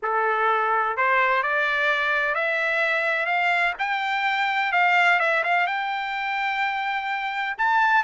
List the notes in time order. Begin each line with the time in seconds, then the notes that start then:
0.02 A4
0.96 C5
1.43 D5
2.34 E5
3.26 F5
3.79 G5
4.72 F5
5.19 E5
5.43 F5
5.66 G5
7.57 A5